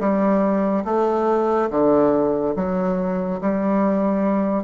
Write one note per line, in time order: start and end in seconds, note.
0.00 0.85 G3
0.85 1.69 A3
1.71 2.55 D3
2.56 3.41 F#3
3.41 4.64 G3